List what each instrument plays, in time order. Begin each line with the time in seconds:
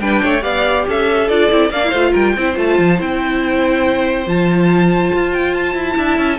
0.00 cello G3, viola D4, violin B4 G5
0.23 cello A3, violin C#5
0.42 cello B3, viola G4, violin D5 F5
0.88 cello C#4, violin A4 E5
1.29 cello D4, viola F4, violin D5
1.51 cello C4, viola E4
1.70 cello A#3, viola D4, violin D5 F5
1.84 viola E4, violin C5
1.92 cello A3, viola F4
2.12 cello G3, violin A#4 G5
2.37 cello C4, viola E4, violin C5
2.55 cello A3, viola F4, violin A5
2.79 cello F3
2.98 cello C4, viola E4, violin G5
4.27 cello F3, viola F4, violin A5
5.13 cello F4
5.34 violin G5
5.54 violin A5
5.75 cello E4
5.94 cello D4, viola E4, violin E5
6.18 cello C#4